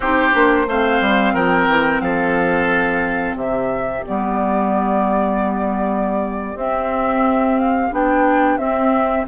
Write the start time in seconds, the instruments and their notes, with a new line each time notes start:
0.00 bassoon C4, clarinet D#4, oboe G4, flute C5
0.32 bassoon A#3, clarinet D4
0.67 bassoon A3, clarinet C4, oboe C5, flute F5
1.00 bassoon G3
1.33 bassoon F3, oboe A#4, flute G5
1.67 bassoon E3
2.00 bassoon F3, oboe A4, flute F5
3.35 bassoon C3, oboe G4, flute E5
4.04 bassoon G3, clarinet B3, flute D5
6.54 bassoon C4, clarinet C4, flute E5
7.59 flute F5
7.91 bassoon B3, clarinet D4, flute G5
8.57 bassoon C4, clarinet C4, flute E5